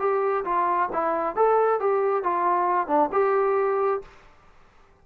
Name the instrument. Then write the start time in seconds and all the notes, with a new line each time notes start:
trombone
0.00 G4
0.45 F4
0.93 E4
1.36 A4
1.80 G4
2.24 F4
2.88 D4
3.13 G4